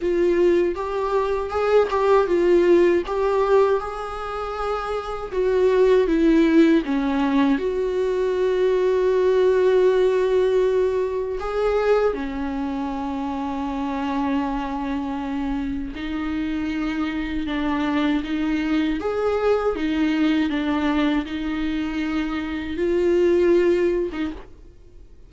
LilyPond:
\new Staff \with { instrumentName = "viola" } { \time 4/4 \tempo 4 = 79 f'4 g'4 gis'8 g'8 f'4 | g'4 gis'2 fis'4 | e'4 cis'4 fis'2~ | fis'2. gis'4 |
cis'1~ | cis'4 dis'2 d'4 | dis'4 gis'4 dis'4 d'4 | dis'2 f'4.~ f'16 dis'16 | }